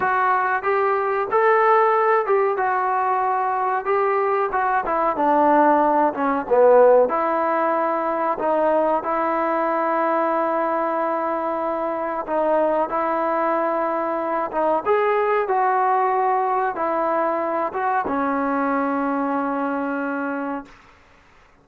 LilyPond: \new Staff \with { instrumentName = "trombone" } { \time 4/4 \tempo 4 = 93 fis'4 g'4 a'4. g'8 | fis'2 g'4 fis'8 e'8 | d'4. cis'8 b4 e'4~ | e'4 dis'4 e'2~ |
e'2. dis'4 | e'2~ e'8 dis'8 gis'4 | fis'2 e'4. fis'8 | cis'1 | }